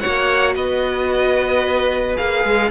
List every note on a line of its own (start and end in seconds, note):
0.00 0.55 A#3
0.00 2.15 F#4
0.00 0.55 C#5
0.00 0.54 F#5
0.55 2.16 B3
0.55 2.70 B4
0.55 2.16 D#5
2.15 2.44 A#3
2.15 2.69 G#4
2.15 2.71 F5
2.44 2.71 G#3